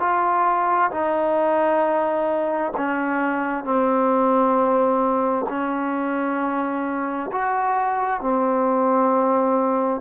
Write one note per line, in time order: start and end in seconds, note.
0.00 0.91 F4
0.91 2.73 D#4
2.77 3.64 C#4
3.64 5.46 C4
5.49 7.31 C#4
7.32 8.21 F#4
8.21 10.01 C4